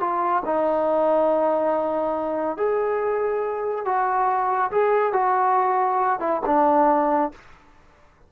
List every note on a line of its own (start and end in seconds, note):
0.00 0.43 F4
0.45 2.57 D#4
2.57 3.85 G#4
3.85 4.71 F#4
4.71 5.13 G#4
5.13 6.20 F#4
6.20 6.41 E4
6.46 7.32 D4